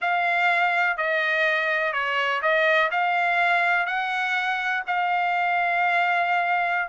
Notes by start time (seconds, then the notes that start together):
0.01 F5
0.97 D#5
1.92 C#5
2.41 D#5
2.91 F5
3.86 F#5
4.86 F5